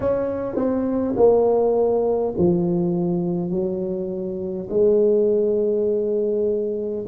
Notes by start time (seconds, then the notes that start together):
0.00 C#4
0.56 C4
1.16 A#3
2.37 F3
3.50 F#3
4.70 G#3